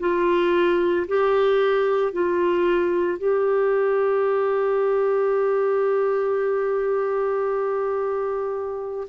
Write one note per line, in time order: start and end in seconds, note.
0.00 1.07 F4
1.08 2.13 G4
2.13 3.19 F4
3.19 9.08 G4